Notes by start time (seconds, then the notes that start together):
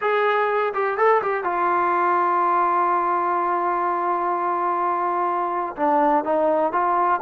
0.01 G#4
0.73 G4
0.97 A4
1.22 G4
1.44 F4
5.76 D4
6.24 D#4
6.72 F4